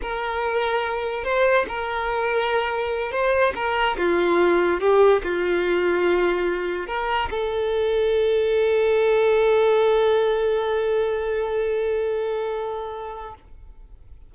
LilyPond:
\new Staff \with { instrumentName = "violin" } { \time 4/4 \tempo 4 = 144 ais'2. c''4 | ais'2.~ ais'8 c''8~ | c''8 ais'4 f'2 g'8~ | g'8 f'2.~ f'8~ |
f'8 ais'4 a'2~ a'8~ | a'1~ | a'1~ | a'1 | }